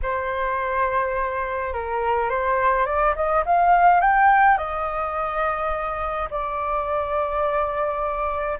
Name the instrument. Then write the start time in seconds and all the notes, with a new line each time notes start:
flute
0.02 C5
1.73 A#4
2.29 C5
2.85 D5
3.15 D#5
3.45 F5
4.00 G5
4.57 D#5
6.30 D5